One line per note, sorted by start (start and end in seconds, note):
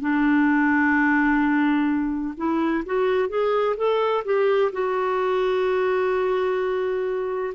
0.00 2.34 D4
2.37 2.84 E4
2.86 3.29 F#4
3.29 3.76 G#4
3.77 4.24 A4
4.25 4.72 G4
4.72 7.53 F#4